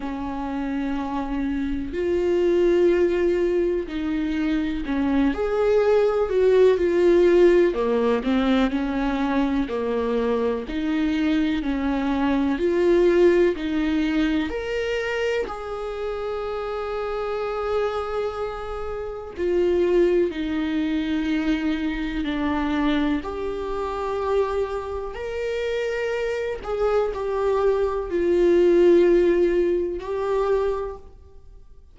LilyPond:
\new Staff \with { instrumentName = "viola" } { \time 4/4 \tempo 4 = 62 cis'2 f'2 | dis'4 cis'8 gis'4 fis'8 f'4 | ais8 c'8 cis'4 ais4 dis'4 | cis'4 f'4 dis'4 ais'4 |
gis'1 | f'4 dis'2 d'4 | g'2 ais'4. gis'8 | g'4 f'2 g'4 | }